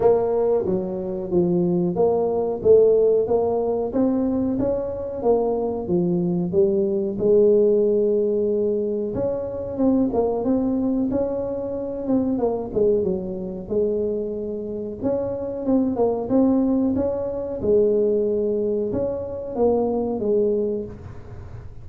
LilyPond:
\new Staff \with { instrumentName = "tuba" } { \time 4/4 \tempo 4 = 92 ais4 fis4 f4 ais4 | a4 ais4 c'4 cis'4 | ais4 f4 g4 gis4~ | gis2 cis'4 c'8 ais8 |
c'4 cis'4. c'8 ais8 gis8 | fis4 gis2 cis'4 | c'8 ais8 c'4 cis'4 gis4~ | gis4 cis'4 ais4 gis4 | }